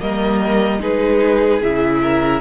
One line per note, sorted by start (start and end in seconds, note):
0.00 0.80 G3
0.00 0.79 A#3
0.00 0.81 A#4
0.00 0.81 D#5
0.79 1.61 G#3
0.79 1.60 D#4
0.79 2.02 G#4
0.79 1.62 B4
1.62 2.41 C#3
1.62 2.41 E4
1.62 2.41 E5
2.02 2.41 A#4